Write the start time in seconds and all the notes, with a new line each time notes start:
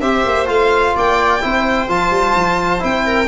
0.00 C4 G4 C5 E5
0.25 A#3
0.46 A3 F4 F5
0.95 A#3 D5 G5
1.41 C4 E4 C5
1.88 F3 F4 A5
2.10 G3
2.35 F3
2.79 C4 E4 G5
3.06 A#4